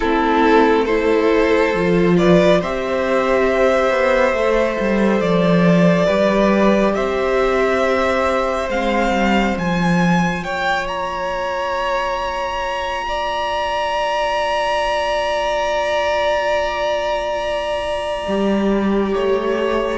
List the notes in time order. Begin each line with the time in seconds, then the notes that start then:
0.00 A3 C4 E4 A4
0.84 E4 A4 C5
1.74 F3 F4
2.17 B4 D5
2.59 C4 G4 C5 E5
3.90 B3
4.32 A3 A4
4.80 G3
5.20 F3 D5
6.05 G3 G4 B4
6.94 C4 C5 E5
8.69 G#3 C4 F5
9.09 G3
9.57 F3 F4 G#5
10.43 A#3 C#5 G5
10.87 A#5
13.07 D5
18.27 G3 G4
19.14 A3 C#5